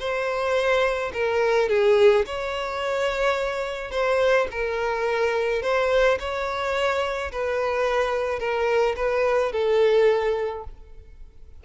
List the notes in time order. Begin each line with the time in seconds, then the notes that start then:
0.00 C5
1.14 A#4
1.69 G#4
2.26 C#5
3.92 C5
4.51 A#4
5.63 C5
6.20 C#5
7.32 B4
8.40 A#4
8.96 B4
9.53 A4